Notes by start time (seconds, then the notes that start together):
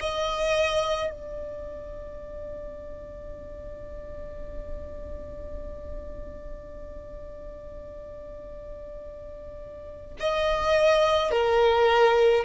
0.00 D#5
1.11 D5
10.20 D#5
11.31 A#4